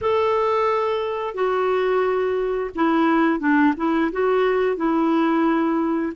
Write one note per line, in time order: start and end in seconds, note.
0.01 1.34 A4
1.34 2.70 F#4
2.75 3.39 E4
3.39 3.73 D4
3.77 4.11 E4
4.12 4.76 F#4
4.76 6.12 E4